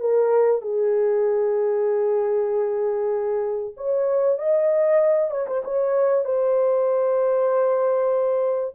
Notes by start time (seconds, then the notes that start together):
0.00 A#4
0.62 G#4
3.77 C#5
4.38 D#5
5.31 C#5
5.47 C5
5.65 C#5
6.25 C5